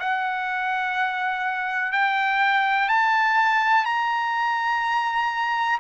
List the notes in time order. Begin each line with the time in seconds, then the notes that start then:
0.00 F#5
1.93 G5
2.89 A5
3.85 A#5